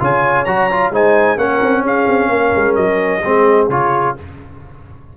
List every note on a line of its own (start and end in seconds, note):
0.00 0.47 C#3
0.00 0.46 F4
0.00 0.94 C#5
0.00 0.45 G#5
0.45 0.91 F#3
0.45 0.71 F#4
0.45 0.91 A#5
0.71 0.93 F4
0.91 1.37 G#3
0.91 1.38 D#4
0.91 1.38 C5
0.91 1.38 G#5
1.38 1.61 A#3
1.38 3.23 C#4
1.38 1.84 A#4
1.38 1.85 F#5
1.62 1.84 C4
1.84 2.07 C#4
1.84 2.30 G#4
1.84 2.76 F5
2.08 2.29 C4
2.29 2.52 A#3
2.29 3.22 A#4
2.56 2.77 G#3
2.76 3.23 F#3
2.76 3.68 D#5
3.25 3.69 G#3
3.25 3.71 C4
3.25 4.18 G#4
3.69 4.16 C#3
3.69 4.17 F4
3.69 4.17 C#5